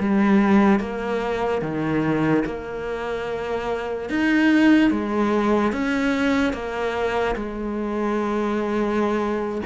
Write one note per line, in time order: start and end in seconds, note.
0.00 0.80 G3
0.80 1.62 A#3
1.62 2.44 D#3
2.45 4.10 A#3
4.10 4.91 D#4
4.91 5.73 G#3
5.73 6.53 C#4
6.53 7.36 A#3
7.36 9.62 G#3